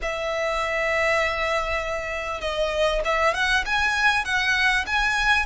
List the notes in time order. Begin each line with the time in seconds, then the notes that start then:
0.02 E5
2.40 D#5
3.04 E5
3.34 F#5
3.65 G#5
4.24 F#5
4.86 G#5